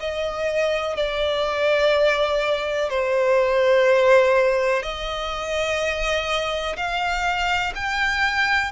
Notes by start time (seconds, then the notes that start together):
0.00 D#5
0.96 D5
2.90 C5
4.83 D#5
6.77 F5
7.75 G5